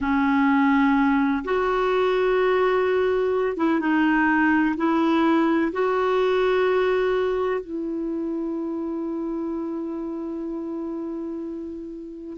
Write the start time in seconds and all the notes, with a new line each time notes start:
0.00 C#4
1.44 F#4
3.56 E4
3.80 D#4
4.76 E4
5.72 F#4
7.61 E4